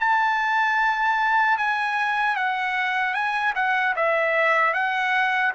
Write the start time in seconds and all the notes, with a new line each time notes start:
0.00 A5
1.58 G#5
2.36 F#5
3.14 G#5
3.55 F#5
3.96 E5
4.74 F#5